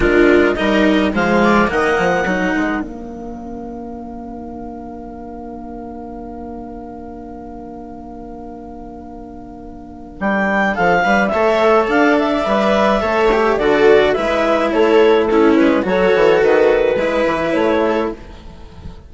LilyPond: <<
  \new Staff \with { instrumentName = "clarinet" } { \time 4/4 \tempo 4 = 106 ais'4 dis''4 f''4 fis''4~ | fis''4 f''2.~ | f''1~ | f''1~ |
f''2 g''4 f''4 | e''4 f''8 e''2~ e''8 | d''4 e''4 cis''4 a'8 b'8 | cis''4 b'2 cis''4 | }
  \new Staff \with { instrumentName = "viola" } { \time 4/4 f'4 ais'4 c''8 d''8 dis''4 | ais'1~ | ais'1~ | ais'1~ |
ais'2. a'8 b'8 | cis''4 d''2 cis''4 | a'4 b'4 a'4 e'4 | a'2 b'4. a'8 | }
  \new Staff \with { instrumentName = "cello" } { \time 4/4 d'4 dis'4 gis4 ais4 | dis'4 d'2.~ | d'1~ | d'1~ |
d'1 | a'2 b'4 a'8 g'8 | fis'4 e'2 cis'4 | fis'2 e'2 | }
  \new Staff \with { instrumentName = "bassoon" } { \time 4/4 gis4 g4 f4 dis8 f8 | fis8 gis8 ais2.~ | ais1~ | ais1~ |
ais2 g4 f8 g8 | a4 d'4 g4 a4 | d4 gis4 a4. gis8 | fis8 e8 dis4 gis8 e8 a4 | }
>>